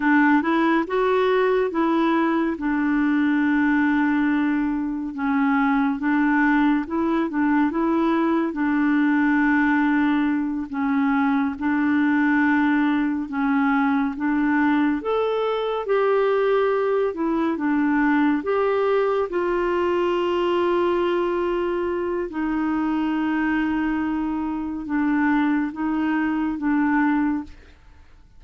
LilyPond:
\new Staff \with { instrumentName = "clarinet" } { \time 4/4 \tempo 4 = 70 d'8 e'8 fis'4 e'4 d'4~ | d'2 cis'4 d'4 | e'8 d'8 e'4 d'2~ | d'8 cis'4 d'2 cis'8~ |
cis'8 d'4 a'4 g'4. | e'8 d'4 g'4 f'4.~ | f'2 dis'2~ | dis'4 d'4 dis'4 d'4 | }